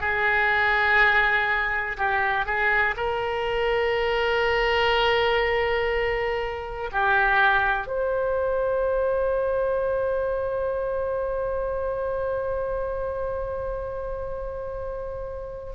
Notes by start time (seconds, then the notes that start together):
0.00 G#4
1.97 G4
2.46 G#4
2.96 A#4
6.92 G4
7.87 C5